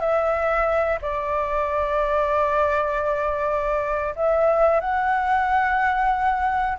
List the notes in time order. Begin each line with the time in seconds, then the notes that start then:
0.00 E5
1.02 D5
4.16 E5
4.80 F#5